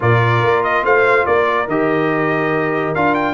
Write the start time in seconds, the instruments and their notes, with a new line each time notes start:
0.00 tuba A#2, trombone F4, horn A#4, trumpet D5
0.42 tuba A#3
0.63 trumpet D#5
0.83 tuba A3, horn C5, trumpet F5
1.26 tuba A#3, horn A#4, trumpet D5
1.67 tuba D#3, trombone G4, trumpet D#5
2.94 tuba D4, trombone F4, trumpet F5
3.14 trumpet G5